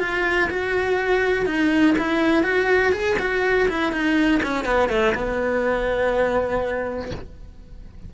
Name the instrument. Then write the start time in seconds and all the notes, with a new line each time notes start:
cello
0.00 F4
0.50 F#4
1.46 D#4
1.98 E4
2.43 F#4
2.92 G#4
3.19 F#4
3.69 E4
3.92 D#4
4.43 C#4
4.65 B3
4.89 A3
5.15 B3